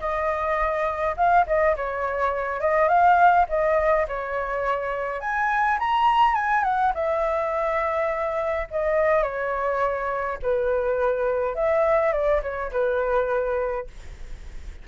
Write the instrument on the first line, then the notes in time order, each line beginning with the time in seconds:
flute
0.00 D#5
1.17 F5
1.47 D#5
1.76 C#5
2.60 D#5
2.88 F5
3.49 D#5
4.08 C#5
5.21 G#5
5.79 A#5
6.35 G#5
6.64 F#5
6.94 E5
8.71 D#5
9.23 C#5
10.42 B4
11.55 E5
12.12 D5
12.42 C#5
12.72 B4